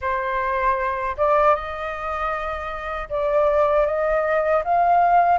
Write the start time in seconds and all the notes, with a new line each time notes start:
0.01 C5
1.17 D5
1.55 D#5
3.09 D5
3.86 D#5
4.64 F5